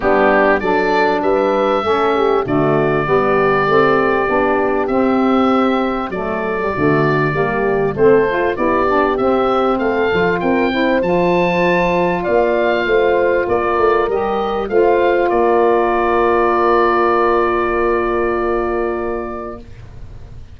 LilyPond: <<
  \new Staff \with { instrumentName = "oboe" } { \time 4/4 \tempo 4 = 98 g'4 d''4 e''2 | d''1 | e''2 d''2~ | d''4 c''4 d''4 e''4 |
f''4 g''4 a''2 | f''2 d''4 dis''4 | f''4 d''2.~ | d''1 | }
  \new Staff \with { instrumentName = "horn" } { \time 4/4 d'4 a'4 b'4 a'8 g'8 | fis'4 g'2.~ | g'2 a'4 fis'4 | g'4 a'4 g'2 |
a'4 ais'8 c''2~ c''8 | d''4 c''4 ais'2 | c''4 ais'2.~ | ais'1 | }
  \new Staff \with { instrumentName = "saxophone" } { \time 4/4 b4 d'2 cis'4 | a4 b4 c'4 d'4 | c'2 a8. g16 a4 | ais4 c'8 f'8 e'8 d'8 c'4~ |
c'8 f'4 e'8 f'2~ | f'2. g'4 | f'1~ | f'1 | }
  \new Staff \with { instrumentName = "tuba" } { \time 4/4 g4 fis4 g4 a4 | d4 g4 a4 b4 | c'2 fis4 d4 | g4 a4 b4 c'4 |
a8 f8 c'4 f2 | ais4 a4 ais8 a8 g4 | a4 ais2.~ | ais1 | }
>>